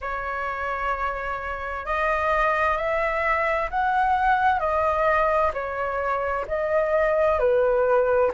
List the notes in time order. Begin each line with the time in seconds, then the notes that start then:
0.01 C#5
1.85 D#5
2.77 E5
3.70 F#5
4.59 D#5
5.53 C#5
6.47 D#5
7.38 B4